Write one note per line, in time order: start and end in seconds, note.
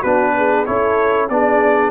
0.00 0.66 B3
0.00 0.66 D4
0.00 0.31 F#4
0.00 0.65 B4
0.36 0.67 G#4
0.65 1.29 C#4
0.65 1.28 E4
0.65 1.29 A4
0.65 1.28 C#5
1.29 1.90 B3
1.29 1.90 D4
1.29 1.90 G#4
1.29 1.90 D5